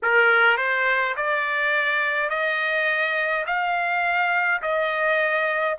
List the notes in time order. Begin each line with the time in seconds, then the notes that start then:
0.02 A#4
0.57 C5
1.16 D5
2.29 D#5
3.46 F5
4.62 D#5